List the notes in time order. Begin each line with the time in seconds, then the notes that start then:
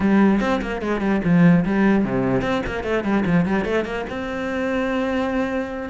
0.00 G3
0.40 C4
0.61 A#3
0.81 G#3
1.01 G3
1.24 F3
1.65 G3
2.04 C3
2.41 C4
2.66 A#3
2.83 A3
3.04 G3
3.25 F3
3.45 G3
3.64 A3
3.84 A#3
4.09 C4